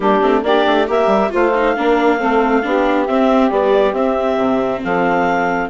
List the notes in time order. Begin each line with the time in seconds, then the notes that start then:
0.00 G3 A#3 D4 G4
0.21 A3 C4
0.42 A#3 D4 G4 D5
0.67 A3
0.86 A#3 G4 A#4 E5
1.06 G3
1.29 A3 F4 C5 F5
1.55 D#4
1.75 A#3 D4 A#4
2.17 A3 C4 A4
2.62 B3 D4 G4
3.06 C4 E5
3.50 G3 B3 D5
3.92 C4 E5
4.37 C3
4.83 F3 A4 F5